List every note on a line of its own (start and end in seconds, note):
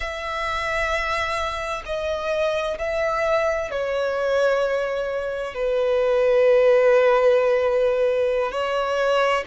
0.00 1.82 E5
1.85 2.77 D#5
2.78 3.70 E5
3.70 5.54 C#5
5.54 8.51 B4
8.51 9.44 C#5